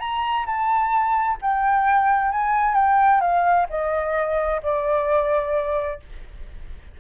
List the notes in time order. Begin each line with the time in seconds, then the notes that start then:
0.00 A#5
0.46 A5
1.42 G5
2.32 G#5
2.75 G5
3.21 F5
3.70 D#5
4.63 D5